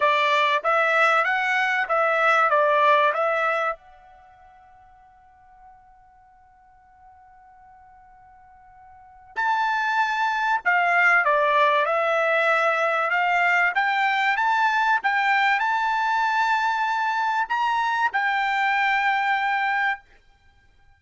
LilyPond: \new Staff \with { instrumentName = "trumpet" } { \time 4/4 \tempo 4 = 96 d''4 e''4 fis''4 e''4 | d''4 e''4 fis''2~ | fis''1~ | fis''2. a''4~ |
a''4 f''4 d''4 e''4~ | e''4 f''4 g''4 a''4 | g''4 a''2. | ais''4 g''2. | }